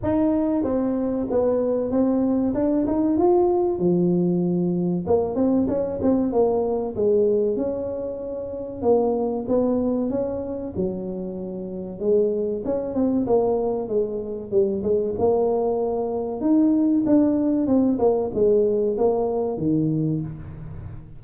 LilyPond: \new Staff \with { instrumentName = "tuba" } { \time 4/4 \tempo 4 = 95 dis'4 c'4 b4 c'4 | d'8 dis'8 f'4 f2 | ais8 c'8 cis'8 c'8 ais4 gis4 | cis'2 ais4 b4 |
cis'4 fis2 gis4 | cis'8 c'8 ais4 gis4 g8 gis8 | ais2 dis'4 d'4 | c'8 ais8 gis4 ais4 dis4 | }